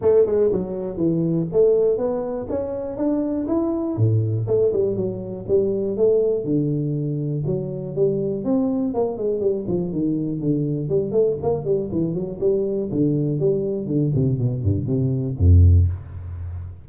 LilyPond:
\new Staff \with { instrumentName = "tuba" } { \time 4/4 \tempo 4 = 121 a8 gis8 fis4 e4 a4 | b4 cis'4 d'4 e'4 | a,4 a8 g8 fis4 g4 | a4 d2 fis4 |
g4 c'4 ais8 gis8 g8 f8 | dis4 d4 g8 a8 ais8 g8 | e8 fis8 g4 d4 g4 | d8 c8 b,8 g,8 c4 f,4 | }